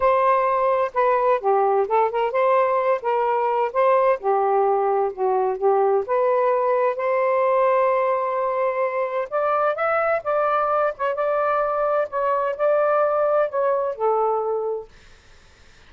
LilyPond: \new Staff \with { instrumentName = "saxophone" } { \time 4/4 \tempo 4 = 129 c''2 b'4 g'4 | a'8 ais'8 c''4. ais'4. | c''4 g'2 fis'4 | g'4 b'2 c''4~ |
c''1 | d''4 e''4 d''4. cis''8 | d''2 cis''4 d''4~ | d''4 cis''4 a'2 | }